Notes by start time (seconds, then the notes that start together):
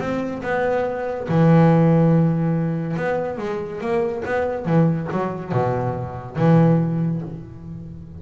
0.00 C4
0.43 B3
1.29 E3
2.97 B3
3.38 G#3
3.81 A#3
4.26 B3
4.66 E3
5.12 F#3
5.52 B2
6.37 E3